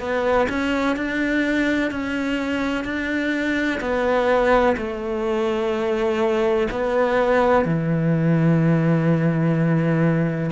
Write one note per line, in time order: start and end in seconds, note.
0.00 0.48 B3
0.49 0.96 C#4
0.96 1.91 D4
1.91 2.85 C#4
2.85 3.80 D4
3.81 4.76 B3
4.77 6.68 A3
6.71 7.65 B3
7.65 10.51 E3